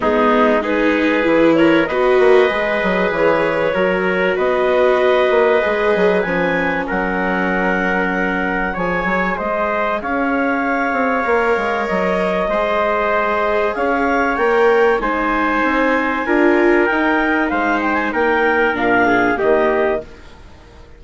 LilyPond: <<
  \new Staff \with { instrumentName = "clarinet" } { \time 4/4 \tempo 4 = 96 gis'4 b'4. cis''8 dis''4~ | dis''4 cis''2 dis''4~ | dis''2 gis''4 fis''4~ | fis''2 gis''4 dis''4 |
f''2. dis''4~ | dis''2 f''4 g''4 | gis''2. g''4 | f''8 g''16 gis''16 g''4 f''4 dis''4 | }
  \new Staff \with { instrumentName = "trumpet" } { \time 4/4 dis'4 gis'4. ais'8 b'4~ | b'2 ais'4 b'4~ | b'2. ais'4~ | ais'2 cis''4 c''4 |
cis''1 | c''2 cis''2 | c''2 ais'2 | c''4 ais'4. gis'8 g'4 | }
  \new Staff \with { instrumentName = "viola" } { \time 4/4 b4 dis'4 e'4 fis'4 | gis'2 fis'2~ | fis'4 gis'4 cis'2~ | cis'2 gis'2~ |
gis'2 ais'2 | gis'2. ais'4 | dis'2 f'4 dis'4~ | dis'2 d'4 ais4 | }
  \new Staff \with { instrumentName = "bassoon" } { \time 4/4 gis2 e4 b8 ais8 | gis8 fis8 e4 fis4 b4~ | b8 ais8 gis8 fis8 f4 fis4~ | fis2 f8 fis8 gis4 |
cis'4. c'8 ais8 gis8 fis4 | gis2 cis'4 ais4 | gis4 c'4 d'4 dis'4 | gis4 ais4 ais,4 dis4 | }
>>